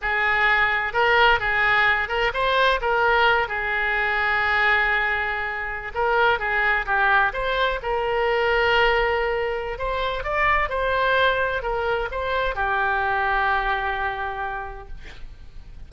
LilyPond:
\new Staff \with { instrumentName = "oboe" } { \time 4/4 \tempo 4 = 129 gis'2 ais'4 gis'4~ | gis'8 ais'8 c''4 ais'4. gis'8~ | gis'1~ | gis'8. ais'4 gis'4 g'4 c''16~ |
c''8. ais'2.~ ais'16~ | ais'4 c''4 d''4 c''4~ | c''4 ais'4 c''4 g'4~ | g'1 | }